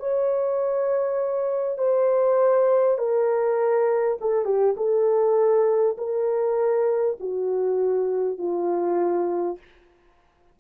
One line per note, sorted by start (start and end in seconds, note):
0.00 1.79 C#5
1.79 2.99 C5
2.99 4.19 A#4
4.21 4.46 A4
4.46 4.76 G4
4.77 5.97 A4
5.98 7.18 A#4
7.21 8.38 F#4
8.38 9.58 F4